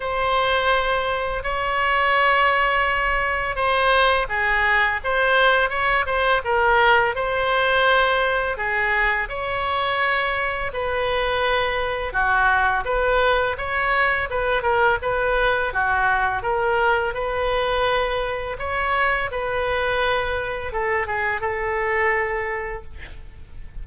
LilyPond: \new Staff \with { instrumentName = "oboe" } { \time 4/4 \tempo 4 = 84 c''2 cis''2~ | cis''4 c''4 gis'4 c''4 | cis''8 c''8 ais'4 c''2 | gis'4 cis''2 b'4~ |
b'4 fis'4 b'4 cis''4 | b'8 ais'8 b'4 fis'4 ais'4 | b'2 cis''4 b'4~ | b'4 a'8 gis'8 a'2 | }